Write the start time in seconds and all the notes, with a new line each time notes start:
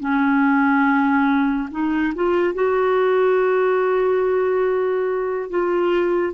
0.00 C#4
1.71 D#4
2.15 F4
2.55 F#4
5.50 F4